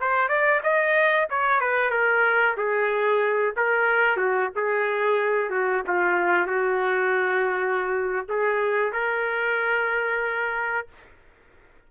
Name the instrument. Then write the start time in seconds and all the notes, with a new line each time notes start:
trumpet
0.00 C5
0.28 D5
0.63 D#5
1.30 C#5
1.60 B4
1.90 A#4
2.57 G#4
3.56 A#4
4.17 F#4
4.56 G#4
5.50 F#4
5.87 F4
6.47 F#4
8.29 G#4
8.92 A#4